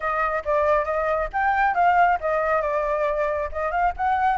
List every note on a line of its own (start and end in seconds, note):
0.00 0.43 D#5
0.44 0.85 D5
0.85 1.28 D#5
1.32 1.74 G5
1.74 2.18 F5
2.20 2.61 D#5
2.61 3.49 D5
3.52 3.71 D#5
3.71 3.93 F5
3.96 4.37 F#5